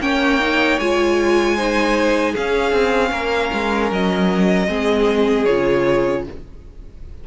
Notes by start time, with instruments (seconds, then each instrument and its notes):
0.00 cello A#3, viola C#4, violin C#5 G5
0.39 viola D#4
0.79 cello G#3, viola F4, violin G#5
1.56 viola D#4, violin C5
2.32 cello C#4, viola C#4, violin G#4 F5
2.72 cello C4
3.11 cello A#3, violin A#4
3.53 cello G#3
3.91 cello F#3, violin D#5
4.67 cello G#3, viola C4, violin G#4
5.45 cello C#3, viola F4, violin C#5